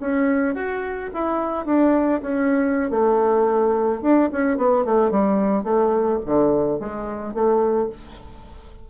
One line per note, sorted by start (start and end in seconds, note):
0.00 0.55 C#4
0.55 1.11 F#4
1.14 1.66 E4
1.66 2.21 D4
2.22 2.90 C#4
2.90 4.02 A3
4.02 4.30 D4
4.32 4.57 C#4
4.57 4.85 B3
4.85 5.11 A3
5.11 5.64 G3
5.64 6.19 A3
6.26 6.80 D3
6.80 7.34 G#3
7.34 7.90 A3